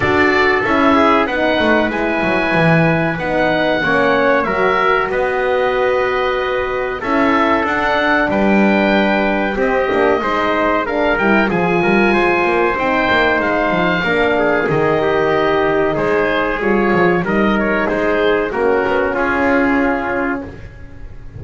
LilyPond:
<<
  \new Staff \with { instrumentName = "oboe" } { \time 4/4 \tempo 4 = 94 d''4 e''4 fis''4 gis''4~ | gis''4 fis''2 e''4 | dis''2. e''4 | fis''4 g''2 dis''4~ |
dis''4 f''8 g''8 gis''2 | g''4 f''2 dis''4~ | dis''4 c''4 cis''4 dis''8 cis''8 | c''4 ais'4 gis'2 | }
  \new Staff \with { instrumentName = "trumpet" } { \time 4/4 a'4. gis'8 b'2~ | b'2 cis''4 ais'4 | b'2. a'4~ | a'4 b'2 g'4 |
c''4 ais'4 gis'8 ais'8 c''4~ | c''2 ais'8 gis'4 g'8~ | g'4 gis'2 ais'4 | gis'4 fis'4 f'2 | }
  \new Staff \with { instrumentName = "horn" } { \time 4/4 fis'4 e'4 dis'4 e'4~ | e'4 dis'4 cis'4 fis'4~ | fis'2. e'4 | d'2. c'8 d'8 |
dis'4 d'8 e'8 f'2 | dis'2 d'4 dis'4~ | dis'2 f'4 dis'4~ | dis'4 cis'2. | }
  \new Staff \with { instrumentName = "double bass" } { \time 4/4 d'4 cis'4 b8 a8 gis8 fis8 | e4 b4 ais4 fis4 | b2. cis'4 | d'4 g2 c'8 ais8 |
gis4. g8 f8 g8 gis8 ais8 | c'8 ais8 gis8 f8 ais4 dis4~ | dis4 gis4 g8 f8 g4 | gis4 ais8 b8 cis'2 | }
>>